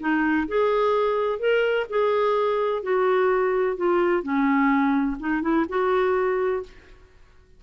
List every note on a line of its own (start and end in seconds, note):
0.00 0.47 D#4
0.48 1.39 G#4
1.39 1.86 A#4
1.90 2.83 G#4
2.83 3.77 F#4
3.77 4.23 F4
4.23 5.17 C#4
5.19 5.42 D#4
5.42 5.65 E4
5.69 6.63 F#4